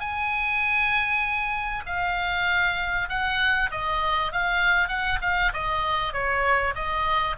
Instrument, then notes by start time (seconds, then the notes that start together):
oboe
0.00 G#5
1.86 F5
3.09 F#5
3.71 D#5
4.32 F5
4.89 F#5
5.22 F5
5.54 D#5
6.13 C#5
6.75 D#5